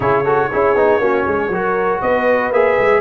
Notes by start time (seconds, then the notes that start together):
0.00 C#3 E4 G#4 C#5
0.24 F#4 A4
0.52 C#4 E4 G#4
0.74 B3 D#4
0.98 A#3 C#4 F#4
1.26 G#3 G#4
1.49 F#3 F#4 A#4
2.01 B3 B4 D#5
2.51 A#3 G#4 E5
2.78 G#3